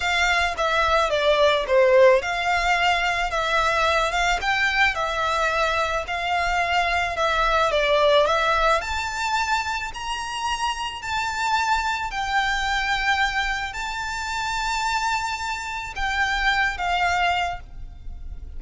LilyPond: \new Staff \with { instrumentName = "violin" } { \time 4/4 \tempo 4 = 109 f''4 e''4 d''4 c''4 | f''2 e''4. f''8 | g''4 e''2 f''4~ | f''4 e''4 d''4 e''4 |
a''2 ais''2 | a''2 g''2~ | g''4 a''2.~ | a''4 g''4. f''4. | }